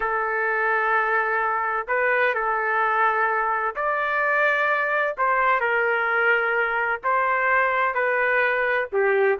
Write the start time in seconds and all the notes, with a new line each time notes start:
0.00 A4
1.87 B4
2.34 A4
3.75 D5
5.17 C5
5.60 A#4
7.03 C5
7.94 B4
8.92 G4